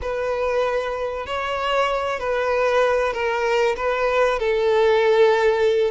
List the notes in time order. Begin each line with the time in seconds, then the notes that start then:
0.01 B4
1.26 C#5
2.19 B4
3.13 A#4
3.76 B4
4.39 A4